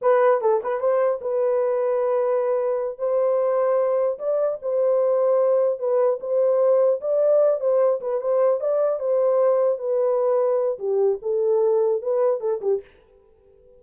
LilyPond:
\new Staff \with { instrumentName = "horn" } { \time 4/4 \tempo 4 = 150 b'4 a'8 b'8 c''4 b'4~ | b'2.~ b'8 c''8~ | c''2~ c''8 d''4 c''8~ | c''2~ c''8 b'4 c''8~ |
c''4. d''4. c''4 | b'8 c''4 d''4 c''4.~ | c''8 b'2~ b'8 g'4 | a'2 b'4 a'8 g'8 | }